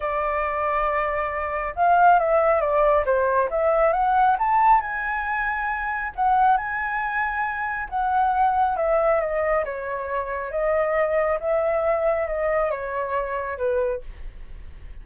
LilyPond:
\new Staff \with { instrumentName = "flute" } { \time 4/4 \tempo 4 = 137 d''1 | f''4 e''4 d''4 c''4 | e''4 fis''4 a''4 gis''4~ | gis''2 fis''4 gis''4~ |
gis''2 fis''2 | e''4 dis''4 cis''2 | dis''2 e''2 | dis''4 cis''2 b'4 | }